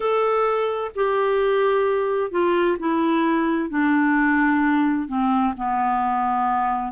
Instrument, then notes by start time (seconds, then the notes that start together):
clarinet
0.00 A4
0.95 G4
2.31 F4
2.79 E4
3.69 D4
5.08 C4
5.56 B3